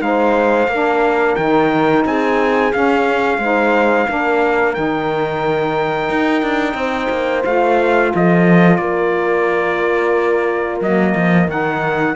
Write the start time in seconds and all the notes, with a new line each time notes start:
0.00 G#3 D#4 C5 F5
0.68 A#3 D4 A#4
1.36 D#3 D#4 G5
2.05 C4 G#4 G#5
2.72 C#4 F5
3.38 G#3 D#4 C5
4.07 A#3 D4 A#4
4.74 D#3 D#4 G5
6.10 D#4
6.42 D4
6.74 C4 C5
7.09 A#3
7.45 A3 F4 F5
8.15 F3 A4 D#5
8.77 A#3 A#4 D5
10.81 F#3 A#3 D#5
11.15 F3
11.47 D#3 D#4 F#5